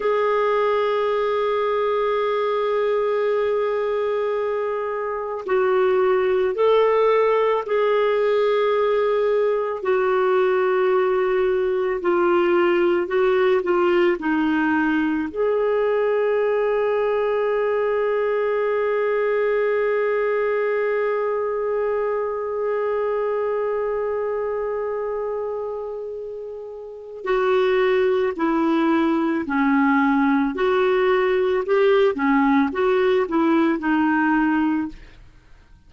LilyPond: \new Staff \with { instrumentName = "clarinet" } { \time 4/4 \tempo 4 = 55 gis'1~ | gis'4 fis'4 a'4 gis'4~ | gis'4 fis'2 f'4 | fis'8 f'8 dis'4 gis'2~ |
gis'1~ | gis'1~ | gis'4 fis'4 e'4 cis'4 | fis'4 g'8 cis'8 fis'8 e'8 dis'4 | }